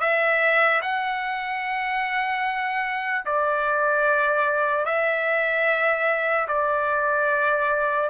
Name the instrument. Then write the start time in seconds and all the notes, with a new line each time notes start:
trumpet
0.00 E5
0.82 F#5
3.25 D5
4.85 E5
6.48 D5